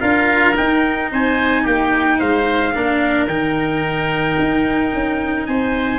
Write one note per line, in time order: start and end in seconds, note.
0.00 0.57 D4
0.00 0.55 F4
0.00 1.10 A#4
0.00 0.55 F5
0.55 2.73 D#4
0.55 1.12 D#4
0.55 1.12 G5
1.12 1.67 C4
1.12 1.63 C5
1.12 1.67 G#5
1.63 2.21 A#3
1.63 2.18 G4
1.63 2.20 G5
2.19 2.76 G#3
2.19 2.74 C5
2.19 3.28 F5
2.75 3.27 A#3
2.75 3.29 D4
2.75 5.48 A#4
3.27 4.36 D#3
3.27 5.99 D#4
3.27 5.46 G5
4.39 4.93 D#4
4.93 5.48 C#4
5.46 5.99 C4
5.46 5.99 C5
5.46 5.99 G#5